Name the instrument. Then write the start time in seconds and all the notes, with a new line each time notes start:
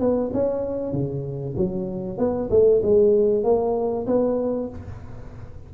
tuba
0.00 B3
0.34 C#4
0.93 C#3
1.57 F#3
2.18 B3
2.50 A3
2.83 G#3
3.44 A#3
4.07 B3